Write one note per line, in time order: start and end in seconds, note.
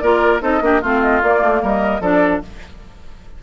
0.00 0.42 A#3
0.00 0.41 F4
0.00 0.43 A#4
0.00 0.41 D5
0.41 0.61 C4
0.41 0.61 D#4
0.41 0.63 A4
0.41 0.83 D#5
0.61 0.82 A#3
0.61 0.82 D4
0.61 0.82 G4
0.82 1.23 A3
0.82 1.24 C4
0.82 1.62 F4
0.82 1.03 F5
1.03 1.23 D#5
1.23 1.42 A#3
1.23 2.02 A#3
1.23 1.64 D5
1.42 1.63 A3
1.62 2.01 G3
1.62 2.01 A#4
1.62 2.03 D#5
2.01 2.41 F3
2.01 2.43 D4
2.01 2.42 A4
2.01 2.43 D5